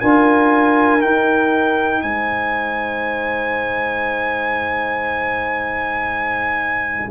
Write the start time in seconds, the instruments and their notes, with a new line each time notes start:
0.00 tuba D4, trombone F4, horn A#4, trumpet G#5
1.00 trombone D#4, tuba D#4, trumpet G5
2.02 tuba G#3, horn C5, trumpet G#5